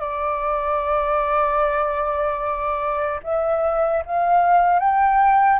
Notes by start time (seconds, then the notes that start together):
0.00 D5
3.24 E5
4.06 F5
4.80 G5